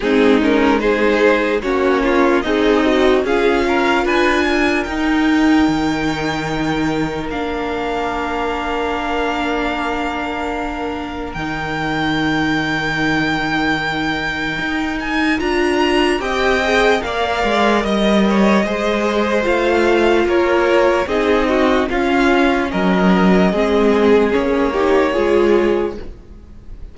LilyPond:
<<
  \new Staff \with { instrumentName = "violin" } { \time 4/4 \tempo 4 = 74 gis'8 ais'8 c''4 cis''4 dis''4 | f''4 gis''4 g''2~ | g''4 f''2.~ | f''2 g''2~ |
g''2~ g''8 gis''8 ais''4 | g''4 f''4 dis''2 | f''4 cis''4 dis''4 f''4 | dis''2 cis''2 | }
  \new Staff \with { instrumentName = "violin" } { \time 4/4 dis'4 gis'4 fis'8 f'8 dis'4 | gis'8 ais'8 b'8 ais'2~ ais'8~ | ais'1~ | ais'1~ |
ais'1 | dis''4 d''4 dis''8 cis''8 c''4~ | c''4 ais'4 gis'8 fis'8 f'4 | ais'4 gis'4. g'8 gis'4 | }
  \new Staff \with { instrumentName = "viola" } { \time 4/4 c'8 cis'8 dis'4 cis'4 gis'8 fis'8 | f'2 dis'2~ | dis'4 d'2.~ | d'2 dis'2~ |
dis'2. f'4 | g'8 gis'8 ais'2 gis'4 | f'2 dis'4 cis'4~ | cis'4 c'4 cis'8 dis'8 f'4 | }
  \new Staff \with { instrumentName = "cello" } { \time 4/4 gis2 ais4 c'4 | cis'4 d'4 dis'4 dis4~ | dis4 ais2.~ | ais2 dis2~ |
dis2 dis'4 d'4 | c'4 ais8 gis8 g4 gis4 | a4 ais4 c'4 cis'4 | fis4 gis4 ais4 gis4 | }
>>